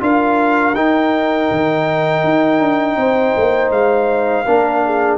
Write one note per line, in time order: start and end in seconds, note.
0.00 0.75 D4
0.00 0.74 F4
0.00 2.98 A#4
0.00 0.75 F5
0.75 1.49 D#4
0.75 4.46 D#4
0.75 3.71 G5
1.51 2.24 D#3
2.24 2.59 D#4
2.59 2.96 D4
2.96 3.33 C4
2.96 4.45 C5
3.37 3.70 A#3
3.70 4.44 G#3
3.70 5.18 F5
4.45 5.18 A#3
4.45 5.18 D4
4.45 4.82 A#4
4.85 5.18 G#4